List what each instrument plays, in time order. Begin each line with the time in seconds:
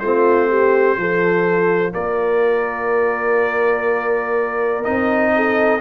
0.00 tuba A3, trombone C4, horn F4, trumpet C5
0.50 horn G4
0.97 tuba F3, trombone F4, horn A4
1.93 tuba A#3, horn A#4, trumpet D5
4.84 tuba C4, trombone D#4, trumpet D#5
5.35 horn A4